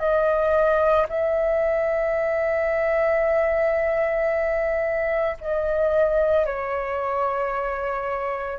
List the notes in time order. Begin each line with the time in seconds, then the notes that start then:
0.00 D#5
1.09 E5
5.42 D#5
6.46 C#5